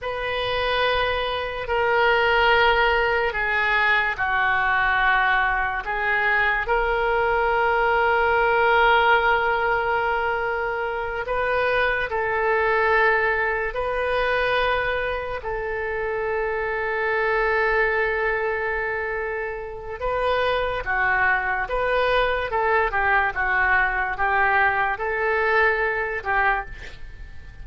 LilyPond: \new Staff \with { instrumentName = "oboe" } { \time 4/4 \tempo 4 = 72 b'2 ais'2 | gis'4 fis'2 gis'4 | ais'1~ | ais'4. b'4 a'4.~ |
a'8 b'2 a'4.~ | a'1 | b'4 fis'4 b'4 a'8 g'8 | fis'4 g'4 a'4. g'8 | }